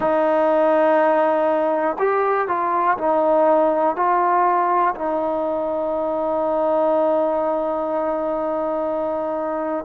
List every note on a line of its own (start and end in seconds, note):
0.00 1.96 D#4
1.99 2.48 G4
2.48 2.97 F4
2.97 3.96 D#4
3.96 4.94 F4
4.94 9.84 D#4